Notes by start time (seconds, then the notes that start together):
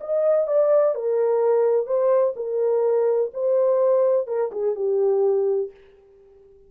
0.00 D#5
0.47 D5
0.95 A#4
1.86 C5
2.36 A#4
3.33 C5
4.27 A#4
4.51 G#4
4.75 G4